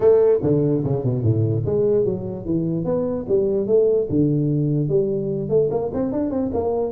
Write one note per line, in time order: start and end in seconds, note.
0.00 0.39 A3
0.42 0.83 D3
0.83 1.04 C#3
1.04 1.22 B2
1.22 1.63 A2
1.65 2.04 G#3
2.04 2.45 F#3
2.45 2.84 E3
2.84 3.25 B3
3.28 3.66 G3
3.66 4.07 A3
4.09 4.88 D3
4.88 5.49 G3
5.49 5.69 A3
5.71 5.91 A#3
5.93 6.12 C4
6.12 6.30 D4
6.30 6.50 C4
6.53 6.92 A#3